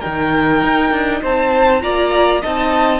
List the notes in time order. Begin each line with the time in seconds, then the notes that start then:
0.00 D#3 D#4 A#4 G5
0.64 D#4
0.92 D4
1.22 C4 C5 A5
1.82 A#3 F4 D5 A#5
2.41 C4 D#4 D#5 A5